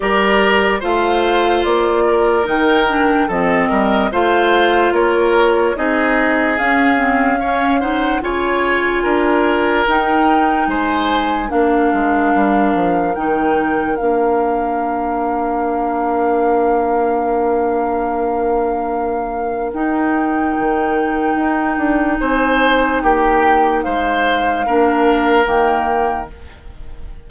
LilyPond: <<
  \new Staff \with { instrumentName = "flute" } { \time 4/4 \tempo 4 = 73 d''4 f''4 d''4 g''4 | dis''4 f''4 cis''4 dis''4 | f''4. fis''8 gis''2 | g''4 gis''4 f''2 |
g''4 f''2.~ | f''1 | g''2. gis''4 | g''4 f''2 g''4 | }
  \new Staff \with { instrumentName = "oboe" } { \time 4/4 ais'4 c''4. ais'4. | a'8 ais'8 c''4 ais'4 gis'4~ | gis'4 cis''8 c''8 cis''4 ais'4~ | ais'4 c''4 ais'2~ |
ais'1~ | ais'1~ | ais'2. c''4 | g'4 c''4 ais'2 | }
  \new Staff \with { instrumentName = "clarinet" } { \time 4/4 g'4 f'2 dis'8 d'8 | c'4 f'2 dis'4 | cis'8 c'8 cis'8 dis'8 f'2 | dis'2 d'2 |
dis'4 d'2.~ | d'1 | dis'1~ | dis'2 d'4 ais4 | }
  \new Staff \with { instrumentName = "bassoon" } { \time 4/4 g4 a4 ais4 dis4 | f8 g8 a4 ais4 c'4 | cis'2 cis4 d'4 | dis'4 gis4 ais8 gis8 g8 f8 |
dis4 ais2.~ | ais1 | dis'4 dis4 dis'8 d'8 c'4 | ais4 gis4 ais4 dis4 | }
>>